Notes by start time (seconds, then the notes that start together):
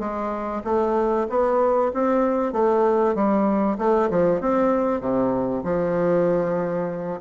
0.00 G#3
0.65 A3
1.30 B3
1.94 C4
2.53 A3
3.15 G3
3.78 A3
4.11 F3
4.41 C4
5.01 C3
5.64 F3